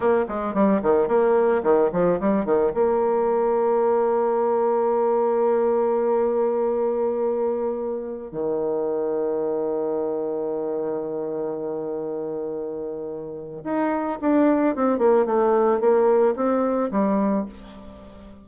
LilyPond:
\new Staff \with { instrumentName = "bassoon" } { \time 4/4 \tempo 4 = 110 ais8 gis8 g8 dis8 ais4 dis8 f8 | g8 dis8 ais2.~ | ais1~ | ais2.~ ais16 dis8.~ |
dis1~ | dis1~ | dis4 dis'4 d'4 c'8 ais8 | a4 ais4 c'4 g4 | }